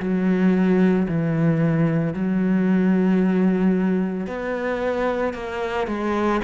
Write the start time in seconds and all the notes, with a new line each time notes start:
0.00 F#3
1.08 E3
2.14 F#3
4.27 B3
5.34 A#3
5.87 G#3